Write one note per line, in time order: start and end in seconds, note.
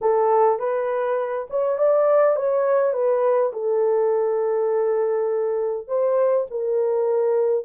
0.01 0.59 A4
0.59 1.47 B4
1.50 1.78 C#5
1.78 2.36 D5
2.36 2.93 C#5
2.93 3.51 B4
3.52 5.87 A4
5.87 6.46 C5
6.50 7.64 A#4